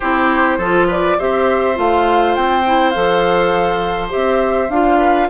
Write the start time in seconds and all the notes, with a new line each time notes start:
0.00 C4 E4 G4 C5
0.58 F3 F4 A4
0.87 B4 D5
1.18 C4 G4 C5 E5
1.75 A3 F4 F5
2.35 C4 G5
2.65 E4
2.90 F3 A4 F5
4.09 C4 G4 E5
4.69 D4 F4 F5
4.98 B4